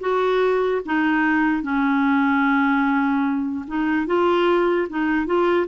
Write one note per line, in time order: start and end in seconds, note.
0.00 0.81 F#4
0.85 1.63 D#4
1.63 3.65 C#4
3.67 4.06 D#4
4.06 4.87 F4
4.89 5.26 D#4
5.26 5.66 F4